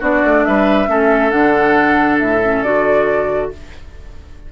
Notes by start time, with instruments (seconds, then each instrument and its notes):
0.00 bassoon B3, clarinet D4, oboe F#4, flute D5
0.24 bassoon A3
0.45 bassoon G3, oboe B4, flute E5
0.88 bassoon A3, clarinet C#4, oboe A4
1.31 bassoon D3, clarinet D4, flute F#5
2.19 bassoon A2, flute E5
2.44 clarinet C#4
2.63 bassoon D3, clarinet F#4, flute D5